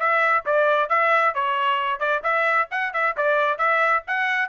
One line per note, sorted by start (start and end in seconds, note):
0.00 0.45 E5
0.46 0.90 D5
0.90 1.35 E5
1.35 2.00 C#5
2.00 2.23 D5
2.24 2.69 E5
2.71 2.94 F#5
2.94 3.16 E5
3.17 3.58 D5
3.58 4.04 E5
4.08 4.50 F#5